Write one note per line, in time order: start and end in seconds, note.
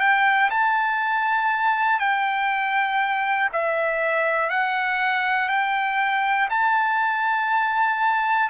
0.00 0.50 G5
0.50 2.00 A5
2.00 3.50 G5
3.53 4.50 E5
4.50 5.49 F#5
5.49 6.49 G5
6.50 8.50 A5